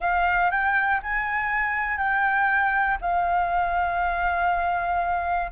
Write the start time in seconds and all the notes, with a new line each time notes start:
0.00 F5
0.50 G5
1.02 G#5
1.97 G5
3.01 F5